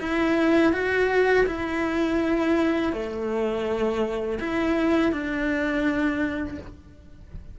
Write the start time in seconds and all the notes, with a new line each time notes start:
0.00 E4
0.73 F#4
1.47 E4
2.93 A3
4.40 E4
5.12 D4